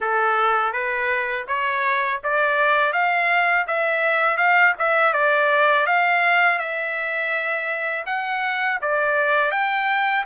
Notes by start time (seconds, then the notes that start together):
0.00 A4
0.73 B4
1.47 C#5
2.23 D5
2.93 F5
3.67 E5
4.37 F5
4.78 E5
5.13 D5
5.86 F5
6.58 E5
8.06 F#5
8.81 D5
9.51 G5